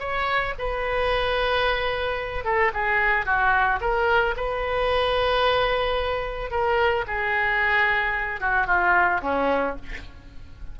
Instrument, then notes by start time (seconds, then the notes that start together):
oboe
0.00 C#5
0.58 B4
2.45 A4
2.74 G#4
3.26 F#4
3.81 A#4
4.37 B4
6.51 A#4
7.08 G#4
8.41 F#4
8.67 F4
9.22 C#4